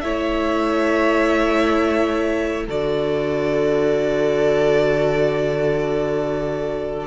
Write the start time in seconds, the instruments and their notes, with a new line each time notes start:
0.00 cello A3, viola E4, violin C#5 E5
2.65 cello D3, viola F#4, violin A4 D5